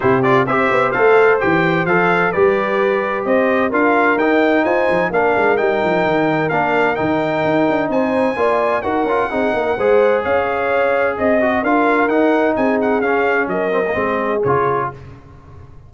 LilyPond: <<
  \new Staff \with { instrumentName = "trumpet" } { \time 4/4 \tempo 4 = 129 c''8 d''8 e''4 f''4 g''4 | f''4 d''2 dis''4 | f''4 g''4 gis''4 f''4 | g''2 f''4 g''4~ |
g''4 gis''2 fis''4~ | fis''2 f''2 | dis''4 f''4 fis''4 gis''8 fis''8 | f''4 dis''2 cis''4 | }
  \new Staff \with { instrumentName = "horn" } { \time 4/4 g'4 c''2.~ | c''4 b'2 c''4 | ais'2 c''4 ais'4~ | ais'1~ |
ais'4 c''4 d''4 ais'4 | gis'8 ais'8 c''4 cis''2 | dis''4 ais'2 gis'4~ | gis'4 ais'4 gis'2 | }
  \new Staff \with { instrumentName = "trombone" } { \time 4/4 e'8 f'8 g'4 a'4 g'4 | a'4 g'2. | f'4 dis'2 d'4 | dis'2 d'4 dis'4~ |
dis'2 f'4 fis'8 f'8 | dis'4 gis'2.~ | gis'8 fis'8 f'4 dis'2 | cis'4. c'16 ais16 c'4 f'4 | }
  \new Staff \with { instrumentName = "tuba" } { \time 4/4 c4 c'8 b8 a4 e4 | f4 g2 c'4 | d'4 dis'4 f'8 f8 ais8 gis8 | g8 f8 dis4 ais4 dis4 |
dis'8 d'8 c'4 ais4 dis'8 cis'8 | c'8 ais8 gis4 cis'2 | c'4 d'4 dis'4 c'4 | cis'4 fis4 gis4 cis4 | }
>>